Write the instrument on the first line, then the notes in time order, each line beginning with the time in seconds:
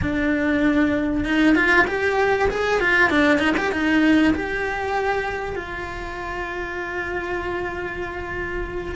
cello
0.01 D4
1.24 D#4
1.55 F4
1.87 G4
2.50 G#4
2.80 F4
3.09 D4
3.39 D#4
3.57 G4
3.71 D#4
4.34 G4
5.55 F4